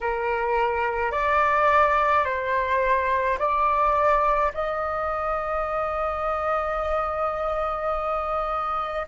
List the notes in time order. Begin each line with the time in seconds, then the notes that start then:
0.01 A#4
1.11 D5
2.24 C5
3.38 D5
4.53 D#5